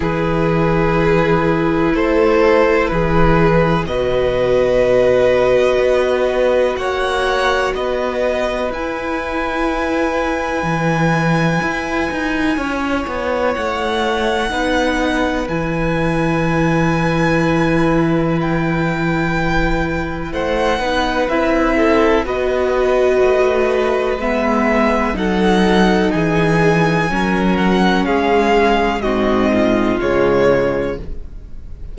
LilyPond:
<<
  \new Staff \with { instrumentName = "violin" } { \time 4/4 \tempo 4 = 62 b'2 c''4 b'4 | dis''2. fis''4 | dis''4 gis''2.~ | gis''2 fis''2 |
gis''2. g''4~ | g''4 fis''4 e''4 dis''4~ | dis''4 e''4 fis''4 gis''4~ | gis''8 fis''8 f''4 dis''4 cis''4 | }
  \new Staff \with { instrumentName = "violin" } { \time 4/4 gis'2 a'4 gis'4 | b'2. cis''4 | b'1~ | b'4 cis''2 b'4~ |
b'1~ | b'4 c''8 b'4 a'8 b'4~ | b'2 a'4 gis'4 | ais'4 gis'4 fis'8 f'4. | }
  \new Staff \with { instrumentName = "viola" } { \time 4/4 e'1 | fis'1~ | fis'4 e'2.~ | e'2. dis'4 |
e'1~ | e'4. dis'8 e'4 fis'4~ | fis'4 b4 dis'2 | cis'2 c'4 gis4 | }
  \new Staff \with { instrumentName = "cello" } { \time 4/4 e2 a4 e4 | b,2 b4 ais4 | b4 e'2 e4 | e'8 dis'8 cis'8 b8 a4 b4 |
e1~ | e4 a8 b8 c'4 b4 | a4 gis4 fis4 e4 | fis4 gis4 gis,4 cis4 | }
>>